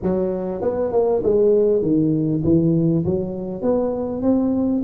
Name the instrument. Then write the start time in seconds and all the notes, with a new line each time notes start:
tuba
0.02 F#3
0.61 B3
0.92 A#3
1.23 G#3
1.82 D#3
2.44 E3
3.05 F#3
3.61 B3
4.22 C4